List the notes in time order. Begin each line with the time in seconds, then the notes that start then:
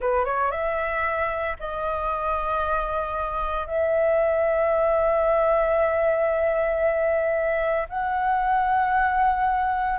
0.00 B4
0.25 C#5
0.51 E5
1.59 D#5
3.67 E5
7.89 F#5